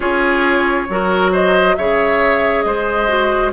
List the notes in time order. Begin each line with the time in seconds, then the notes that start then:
0.00 C#4 F4 G#4 C#5
0.89 F#3 F#4 A#4
1.31 C5 D#5
1.75 C#3 G#4 C#5 E5
2.62 G#3 C5 D#5
3.07 F#4